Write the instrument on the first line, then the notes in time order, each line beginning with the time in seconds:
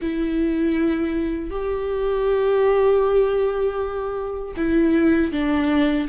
viola
0.01 E4
1.50 G4
4.56 E4
5.32 D4